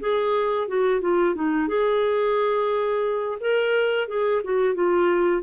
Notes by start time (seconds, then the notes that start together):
0.00 G#4
0.68 F#4
1.01 F4
1.35 D#4
1.68 G#4
3.40 A#4
4.08 G#4
4.44 F#4
4.75 F4